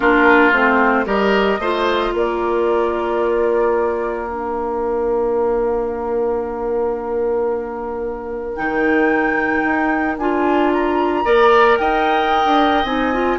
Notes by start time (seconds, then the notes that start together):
0.00 A#3 D4 F4 A#4
0.52 A3 C4 C5
1.05 G3 G4 A#4 D#5
1.58 A3 F4 C5
2.13 A#3 A#4 D5
4.27 D4 F5
8.55 D#3 D#4 G5
9.64 D#4
10.17 D4 F4 G#5
10.72 A#5
11.24 A#3 A#4 D5
11.78 D#4 D#5 G5
12.45 D4
12.83 C4 D#4 G#5
13.13 F4